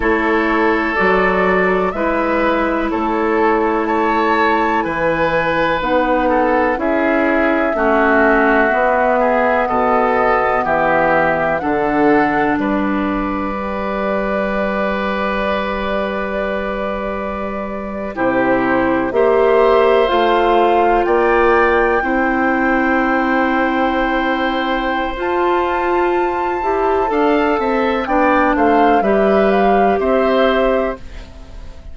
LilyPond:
<<
  \new Staff \with { instrumentName = "flute" } { \time 4/4 \tempo 4 = 62 cis''4 d''4 e''4 cis''4 | a''4 gis''4 fis''4 e''4~ | e''2 dis''4 e''4 | fis''4 d''2.~ |
d''2~ d''8. c''4 e''16~ | e''8. f''4 g''2~ g''16~ | g''2 a''2~ | a''4 g''8 f''8 e''8 f''8 e''4 | }
  \new Staff \with { instrumentName = "oboe" } { \time 4/4 a'2 b'4 a'4 | cis''4 b'4. a'8 gis'4 | fis'4. gis'8 a'4 g'4 | a'4 b'2.~ |
b'2~ b'8. g'4 c''16~ | c''4.~ c''16 d''4 c''4~ c''16~ | c''1 | f''8 e''8 d''8 c''8 b'4 c''4 | }
  \new Staff \with { instrumentName = "clarinet" } { \time 4/4 e'4 fis'4 e'2~ | e'2 dis'4 e'4 | cis'4 b2. | d'2 g'2~ |
g'2~ g'8. e'4 g'16~ | g'8. f'2 e'4~ e'16~ | e'2 f'4. g'8 | a'4 d'4 g'2 | }
  \new Staff \with { instrumentName = "bassoon" } { \time 4/4 a4 fis4 gis4 a4~ | a4 e4 b4 cis'4 | a4 b4 b,4 e4 | d4 g2.~ |
g2~ g8. c4 ais16~ | ais8. a4 ais4 c'4~ c'16~ | c'2 f'4. e'8 | d'8 c'8 b8 a8 g4 c'4 | }
>>